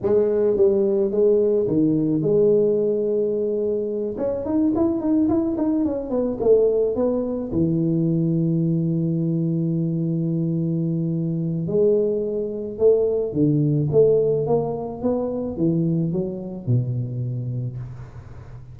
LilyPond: \new Staff \with { instrumentName = "tuba" } { \time 4/4 \tempo 4 = 108 gis4 g4 gis4 dis4 | gis2.~ gis8 cis'8 | dis'8 e'8 dis'8 e'8 dis'8 cis'8 b8 a8~ | a8 b4 e2~ e8~ |
e1~ | e4 gis2 a4 | d4 a4 ais4 b4 | e4 fis4 b,2 | }